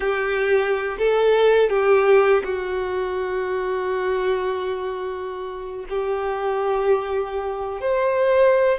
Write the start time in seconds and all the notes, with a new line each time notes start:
0.00 G4
0.98 A4
1.69 G4
2.44 F#4
5.89 G4
7.80 C5